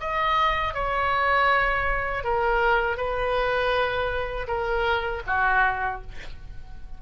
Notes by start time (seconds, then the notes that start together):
0.00 D#5
0.74 C#5
2.23 A#4
2.97 B4
4.47 A#4
5.26 F#4